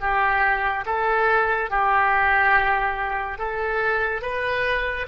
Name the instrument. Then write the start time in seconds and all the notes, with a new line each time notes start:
oboe
0.00 G4
0.86 A4
1.70 G4
3.38 A4
4.22 B4